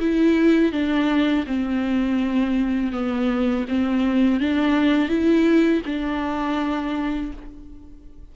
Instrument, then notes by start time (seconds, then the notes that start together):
viola
0.00 E4
0.72 D4
1.47 C4
2.92 B3
3.69 C4
4.40 D4
5.09 E4
5.86 D4